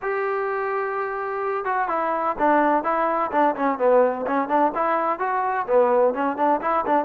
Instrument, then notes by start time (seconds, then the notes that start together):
trombone
0.02 G4
1.64 F#4
1.88 E4
2.38 D4
2.83 E4
3.31 D4
3.55 C#4
3.78 B3
4.26 C#4
4.48 D4
4.74 E4
5.19 F#4
5.66 B3
6.14 C#4
6.37 D4
6.61 E4
6.86 D4